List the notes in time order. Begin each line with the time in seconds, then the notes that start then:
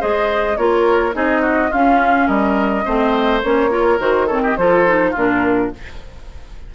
0.00 G#3 G#4 C5 D#5
0.57 A#3 F4 A#4 C#5
1.13 C4 D#4 G#4 D#5
1.42 F#4
1.70 C#4 F4 F5
2.27 G3 A#4 D#5
2.85 A3 C4 C5
3.42 A#3 C#4 C#5
3.70 F4 A#4
3.99 D#3 F#4 C5
4.27 C4 A4 C#5
4.43 G4 D#5
4.57 F3 F4 A4 C5
4.86 D#4
5.11 A#2 D4 F4
5.17 A#4